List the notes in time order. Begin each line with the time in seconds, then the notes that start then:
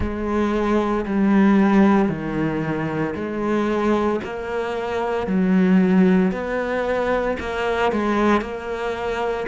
0.00 G#3
1.05 G3
2.09 D#3
3.15 G#3
4.23 A#3
5.26 F#3
6.32 B3
7.39 A#3
7.91 G#3
8.41 A#3